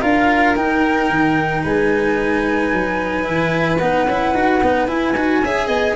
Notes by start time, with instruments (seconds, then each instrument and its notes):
0.00 tuba D4, cello F4, violin A#4, flute F5
0.56 cello D#4, tuba D#4, flute G5
1.10 tuba D#3
1.63 tuba G#3, violin B4, flute G#5
2.73 tuba F#3
3.24 tuba E3, cello E4
3.78 tuba B3, cello D#4, flute F#5
4.07 tuba C#4, cello E4
4.35 tuba D#4, cello F#4
4.63 tuba B3, cello D#4
4.88 tuba E4, cello E4, flute G#5
5.15 tuba D#4, cello F#4
5.44 tuba C#4, cello G#4, violin E5
5.67 tuba B3, violin D#5